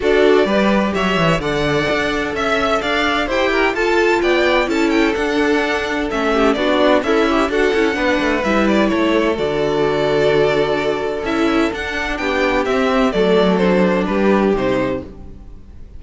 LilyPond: <<
  \new Staff \with { instrumentName = "violin" } { \time 4/4 \tempo 4 = 128 d''2 e''4 fis''4~ | fis''4 e''4 f''4 g''4 | a''4 g''4 a''8 g''8 fis''4~ | fis''4 e''4 d''4 e''4 |
fis''2 e''8 d''8 cis''4 | d''1 | e''4 fis''4 g''4 e''4 | d''4 c''4 b'4 c''4 | }
  \new Staff \with { instrumentName = "violin" } { \time 4/4 a'4 b'4 cis''4 d''4~ | d''4 e''4 d''4 c''8 ais'8 | a'4 d''4 a'2~ | a'4. g'8 fis'4 e'4 |
a'4 b'2 a'4~ | a'1~ | a'2 g'2 | a'2 g'2 | }
  \new Staff \with { instrumentName = "viola" } { \time 4/4 fis'4 g'2 a'4~ | a'2. g'4 | f'2 e'4 d'4~ | d'4 cis'4 d'4 a'8 g'8 |
fis'8 e'8 d'4 e'2 | fis'1 | e'4 d'2 c'4 | a4 d'2 dis'4 | }
  \new Staff \with { instrumentName = "cello" } { \time 4/4 d'4 g4 fis8 e8 d4 | d'4 cis'4 d'4 e'4 | f'4 b4 cis'4 d'4~ | d'4 a4 b4 cis'4 |
d'8 cis'8 b8 a8 g4 a4 | d1 | cis'4 d'4 b4 c'4 | fis2 g4 c4 | }
>>